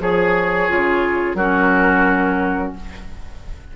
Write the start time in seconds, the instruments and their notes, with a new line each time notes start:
0.00 bassoon F3, clarinet G#4, oboe G#4, flute C#5
0.68 bassoon C#3, clarinet F4
1.35 bassoon F#3, clarinet C#4, oboe F#4, flute A#4